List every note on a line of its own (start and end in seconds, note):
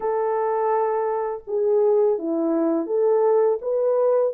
0.00 1.43 A4
1.47 2.18 G#4
2.18 2.86 E4
2.86 3.58 A4
3.61 4.33 B4